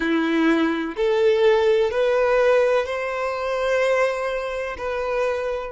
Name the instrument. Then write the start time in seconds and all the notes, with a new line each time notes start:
violin
0.00 E4
0.96 A4
1.90 B4
2.86 C5
4.77 B4